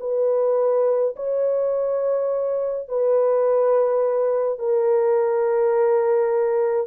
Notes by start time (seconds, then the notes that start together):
0.00 B4
1.16 C#5
2.88 B4
4.58 A#4